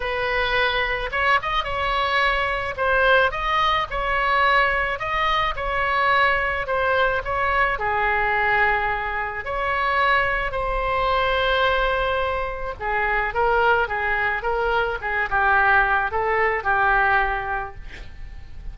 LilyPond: \new Staff \with { instrumentName = "oboe" } { \time 4/4 \tempo 4 = 108 b'2 cis''8 dis''8 cis''4~ | cis''4 c''4 dis''4 cis''4~ | cis''4 dis''4 cis''2 | c''4 cis''4 gis'2~ |
gis'4 cis''2 c''4~ | c''2. gis'4 | ais'4 gis'4 ais'4 gis'8 g'8~ | g'4 a'4 g'2 | }